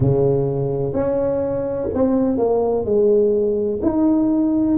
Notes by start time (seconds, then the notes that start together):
0.00 C#3
0.93 C#4
1.94 C4
2.37 A#3
2.85 G#3
3.82 D#4